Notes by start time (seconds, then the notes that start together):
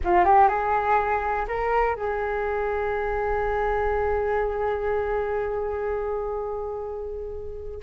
0.04 F4
0.25 G4
0.48 G#4
1.48 A#4
1.95 G#4